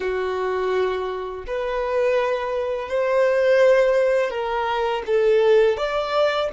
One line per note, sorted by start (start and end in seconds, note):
0.00 1.44 F#4
1.46 2.88 B4
2.88 4.30 C5
4.30 5.02 A#4
5.06 5.77 A4
5.77 6.49 D5